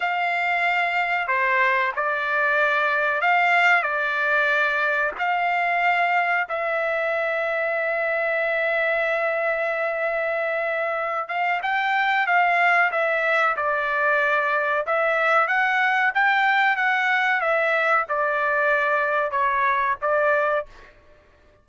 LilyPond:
\new Staff \with { instrumentName = "trumpet" } { \time 4/4 \tempo 4 = 93 f''2 c''4 d''4~ | d''4 f''4 d''2 | f''2 e''2~ | e''1~ |
e''4. f''8 g''4 f''4 | e''4 d''2 e''4 | fis''4 g''4 fis''4 e''4 | d''2 cis''4 d''4 | }